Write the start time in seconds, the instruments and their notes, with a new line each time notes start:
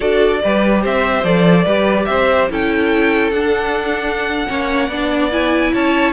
0.00 cello D4, viola F#4, violin A4 D5
0.42 cello G3, viola G4, violin B4
0.82 cello C4, violin C5 E5
1.23 cello F3, viola A4, violin D5
1.64 cello G3, viola G4, violin B4
2.05 cello C4, violin C5 E5
2.49 cello C#4, viola E4, violin A4 G5
3.31 cello D4, viola D4, violin F#5
4.47 cello A#3, viola C#4, violin C#5
4.87 cello B3, viola D4, violin D5
5.31 viola E4, violin G#5
5.72 cello C#4, violin C#5 A5